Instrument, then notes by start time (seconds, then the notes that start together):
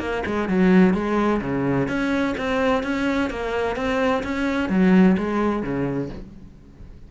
cello
0.00 A#3
0.26 G#3
0.49 F#3
0.94 G#3
1.41 C#3
1.88 C#4
2.38 C4
2.84 C#4
3.30 A#3
3.76 C4
4.24 C#4
4.70 F#3
5.18 G#3
5.63 C#3